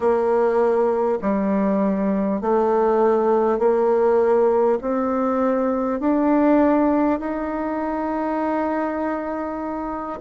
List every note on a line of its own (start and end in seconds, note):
0.00 1.18 A#3
1.21 2.41 G3
2.41 3.58 A3
3.58 4.78 A#3
4.81 5.99 C4
5.99 7.19 D4
7.19 10.19 D#4